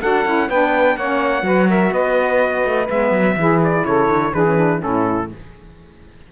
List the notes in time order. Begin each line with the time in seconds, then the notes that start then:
0.00 D4 F#4 A4 F#5
0.26 C#4 E4
0.48 B3 D4 B4 G5
0.97 A#3 C#4 C#5 F#5
1.42 F#3 F#4 B4
1.69 A#4 E5
1.92 B3 B4 D#5
2.65 A3
2.90 G#3 B3 E5
3.12 F#3
3.36 E3 E4 G#4
3.64 D5
3.86 C#3 A4 C#5
4.09 D3
4.33 E3 D4 G#4 B4
4.45 C#4
4.57 D4
4.80 A2 C#4 E4 A4